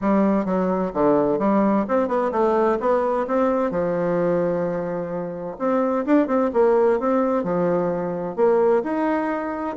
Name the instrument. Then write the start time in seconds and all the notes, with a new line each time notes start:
bassoon
0.01 G3
0.45 F#3
0.93 D3
1.38 G3
1.88 C4
2.07 B3
2.31 A3
2.79 B3
3.27 C4
3.70 F3
5.58 C4
6.05 D4
6.27 C4
6.53 A#3
6.99 C4
7.43 F3
8.36 A#3
8.83 D#4